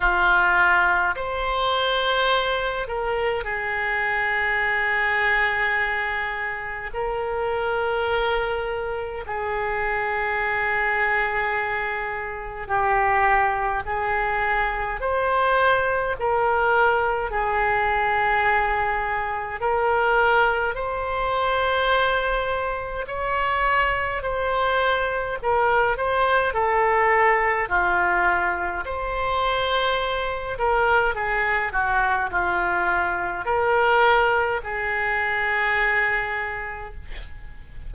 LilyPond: \new Staff \with { instrumentName = "oboe" } { \time 4/4 \tempo 4 = 52 f'4 c''4. ais'8 gis'4~ | gis'2 ais'2 | gis'2. g'4 | gis'4 c''4 ais'4 gis'4~ |
gis'4 ais'4 c''2 | cis''4 c''4 ais'8 c''8 a'4 | f'4 c''4. ais'8 gis'8 fis'8 | f'4 ais'4 gis'2 | }